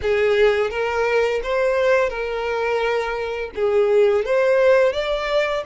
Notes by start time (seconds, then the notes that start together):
0.02 G#4
0.70 A#4
1.43 C5
2.09 A#4
3.55 G#4
4.25 C5
4.93 D5